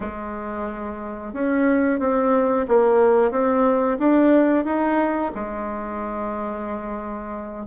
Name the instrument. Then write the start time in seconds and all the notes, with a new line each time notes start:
bassoon
0.00 G#3
1.33 C#4
1.99 C4
2.68 A#3
3.31 C4
3.98 D4
4.65 D#4
5.35 G#3